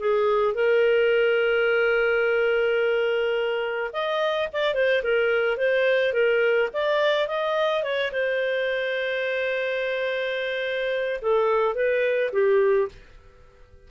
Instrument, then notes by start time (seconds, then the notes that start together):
clarinet
0.00 G#4
0.55 A#4
3.93 D#5
4.53 D5
4.75 C5
5.04 A#4
5.58 C5
6.14 A#4
6.74 D5
7.28 D#5
7.84 C#5
8.12 C5
11.22 A4
11.75 B4
12.33 G4